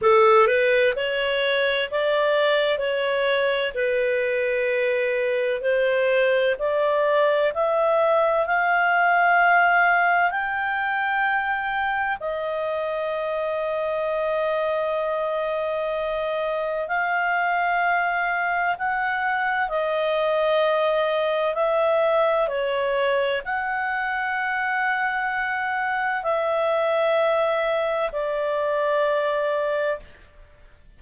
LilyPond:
\new Staff \with { instrumentName = "clarinet" } { \time 4/4 \tempo 4 = 64 a'8 b'8 cis''4 d''4 cis''4 | b'2 c''4 d''4 | e''4 f''2 g''4~ | g''4 dis''2.~ |
dis''2 f''2 | fis''4 dis''2 e''4 | cis''4 fis''2. | e''2 d''2 | }